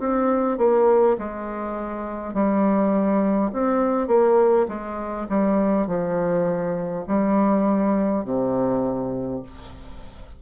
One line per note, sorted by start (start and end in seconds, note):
0.00 0.58 C4
0.58 1.17 A#3
1.19 2.34 G#3
2.34 3.52 G3
3.53 4.08 C4
4.08 4.67 A#3
4.69 5.28 G#3
5.29 5.88 G3
5.88 7.05 F3
7.08 8.25 G3
8.25 9.43 C3